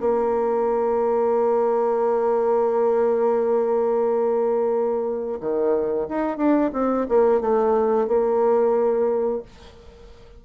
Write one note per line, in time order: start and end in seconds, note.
0.00 5.39 A#3
5.40 6.07 D#3
6.08 6.37 D#4
6.37 6.71 D4
6.73 7.07 C4
7.08 7.41 A#3
7.41 8.07 A3
8.07 9.42 A#3